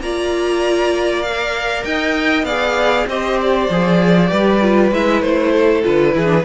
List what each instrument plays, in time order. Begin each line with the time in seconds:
0.00 cello A#3, viola F4, violin D5 A#5
1.22 viola A#4, violin F5
1.84 cello D#4, violin D#5 G5
2.43 cello B3, viola G#4, violin D5 F5
3.06 cello C4, viola G4, violin C5 D#5
3.41 violin D5
3.70 cello F3, viola G#4
4.27 cello G3, viola G4, violin B4
4.62 viola F4
4.91 cello G#3, viola E4, violin E5
5.21 cello A3, violin C5
5.52 violin A4
5.83 cello D3, viola F4, violin B4
6.12 cello E3, viola E4, violin G#4
6.25 viola D4